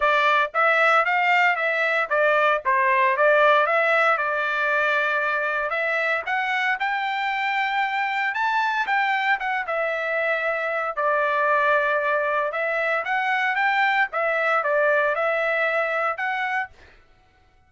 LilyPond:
\new Staff \with { instrumentName = "trumpet" } { \time 4/4 \tempo 4 = 115 d''4 e''4 f''4 e''4 | d''4 c''4 d''4 e''4 | d''2. e''4 | fis''4 g''2. |
a''4 g''4 fis''8 e''4.~ | e''4 d''2. | e''4 fis''4 g''4 e''4 | d''4 e''2 fis''4 | }